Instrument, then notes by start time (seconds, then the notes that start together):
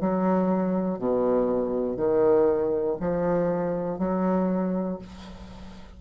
bassoon
0.00 F#3
0.99 B2
1.96 D#3
3.00 F3
3.98 F#3